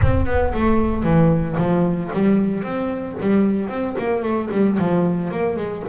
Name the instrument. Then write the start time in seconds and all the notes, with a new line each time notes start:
double bass
0.02 C4
0.26 B3
0.53 A3
1.03 E3
1.57 F3
2.13 G3
2.63 C4
3.20 G3
3.69 C4
3.98 A#3
4.22 A3
4.51 G3
4.78 F3
5.31 A#3
5.56 G#3